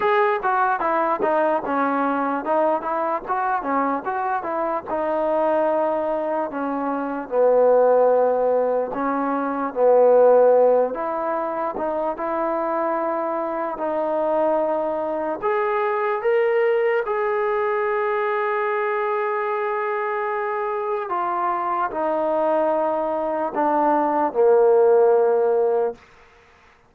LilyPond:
\new Staff \with { instrumentName = "trombone" } { \time 4/4 \tempo 4 = 74 gis'8 fis'8 e'8 dis'8 cis'4 dis'8 e'8 | fis'8 cis'8 fis'8 e'8 dis'2 | cis'4 b2 cis'4 | b4. e'4 dis'8 e'4~ |
e'4 dis'2 gis'4 | ais'4 gis'2.~ | gis'2 f'4 dis'4~ | dis'4 d'4 ais2 | }